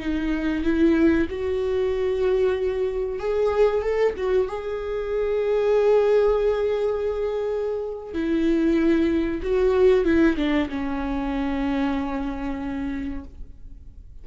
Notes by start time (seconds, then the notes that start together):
0.00 D#4
0.64 E4
1.30 F#4
3.20 G#4
3.82 A4
4.17 F#4
4.48 G#4
8.14 E4
9.43 F#4
10.05 E4
10.37 D4
10.69 C#4